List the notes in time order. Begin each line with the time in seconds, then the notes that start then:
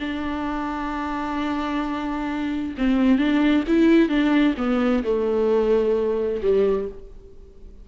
0.00 D4
2.78 C4
3.18 D4
3.67 E4
4.09 D4
4.58 B3
5.04 A3
6.42 G3